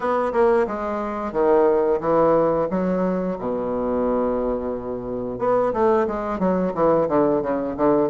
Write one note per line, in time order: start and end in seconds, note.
0.00 0.32 B3
0.32 0.66 A#3
0.67 1.32 G#3
1.32 1.99 D#3
2.00 2.68 E3
2.70 3.37 F#3
3.38 5.38 B2
5.38 5.72 B3
5.73 6.06 A3
6.07 6.39 G#3
6.39 6.72 F#3
6.74 7.08 E3
7.08 7.42 D3
7.42 7.75 C#3
7.77 8.09 D3